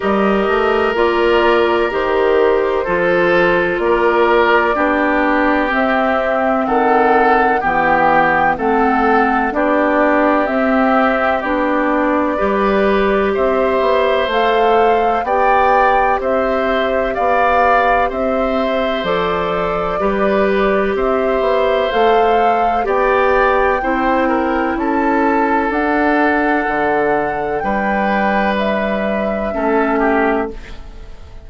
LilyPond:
<<
  \new Staff \with { instrumentName = "flute" } { \time 4/4 \tempo 4 = 63 dis''4 d''4 c''2 | d''2 e''4 fis''4 | g''4 fis''4 d''4 e''4 | d''2 e''4 f''4 |
g''4 e''4 f''4 e''4 | d''2 e''4 f''4 | g''2 a''4 fis''4~ | fis''4 g''4 e''2 | }
  \new Staff \with { instrumentName = "oboe" } { \time 4/4 ais'2. a'4 | ais'4 g'2 a'4 | g'4 a'4 g'2~ | g'4 b'4 c''2 |
d''4 c''4 d''4 c''4~ | c''4 b'4 c''2 | d''4 c''8 ais'8 a'2~ | a'4 b'2 a'8 g'8 | }
  \new Staff \with { instrumentName = "clarinet" } { \time 4/4 g'4 f'4 g'4 f'4~ | f'4 d'4 c'2 | b4 c'4 d'4 c'4 | d'4 g'2 a'4 |
g'1 | a'4 g'2 a'4 | g'4 e'2 d'4~ | d'2. cis'4 | }
  \new Staff \with { instrumentName = "bassoon" } { \time 4/4 g8 a8 ais4 dis4 f4 | ais4 b4 c'4 dis4 | e4 a4 b4 c'4 | b4 g4 c'8 b8 a4 |
b4 c'4 b4 c'4 | f4 g4 c'8 b8 a4 | b4 c'4 cis'4 d'4 | d4 g2 a4 | }
>>